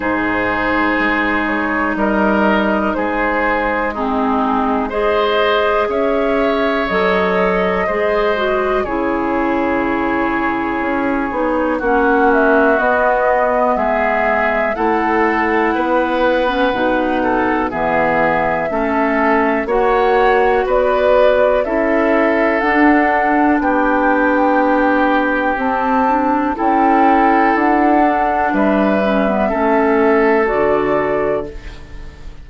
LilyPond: <<
  \new Staff \with { instrumentName = "flute" } { \time 4/4 \tempo 4 = 61 c''4. cis''8 dis''4 c''4 | gis'4 dis''4 e''4 dis''4~ | dis''4 cis''2. | fis''8 e''8 dis''4 e''4 fis''4~ |
fis''2 e''2 | fis''4 d''4 e''4 fis''4 | g''2 a''4 g''4 | fis''4 e''2 d''4 | }
  \new Staff \with { instrumentName = "oboe" } { \time 4/4 gis'2 ais'4 gis'4 | dis'4 c''4 cis''2 | c''4 gis'2. | fis'2 gis'4 a'4 |
b'4. a'8 gis'4 a'4 | cis''4 b'4 a'2 | g'2. a'4~ | a'4 b'4 a'2 | }
  \new Staff \with { instrumentName = "clarinet" } { \time 4/4 dis'1 | c'4 gis'2 a'4 | gis'8 fis'8 e'2~ e'8 dis'8 | cis'4 b2 e'4~ |
e'8. cis'16 dis'4 b4 cis'4 | fis'2 e'4 d'4~ | d'2 c'8 d'8 e'4~ | e'8 d'4 cis'16 b16 cis'4 fis'4 | }
  \new Staff \with { instrumentName = "bassoon" } { \time 4/4 gis,4 gis4 g4 gis4~ | gis2 cis'4 fis4 | gis4 cis2 cis'8 b8 | ais4 b4 gis4 a4 |
b4 b,4 e4 a4 | ais4 b4 cis'4 d'4 | b2 c'4 cis'4 | d'4 g4 a4 d4 | }
>>